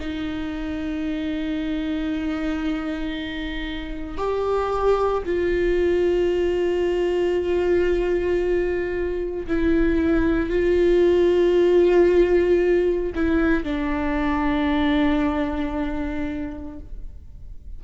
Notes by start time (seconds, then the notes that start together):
0.00 D#4
4.18 G4
5.26 F4
9.48 E4
10.50 F4
13.16 E4
13.64 D4